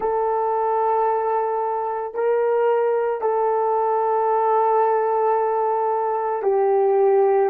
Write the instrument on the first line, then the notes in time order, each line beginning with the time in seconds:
horn
0.00 A4
2.14 A#4
3.21 A4
6.42 G4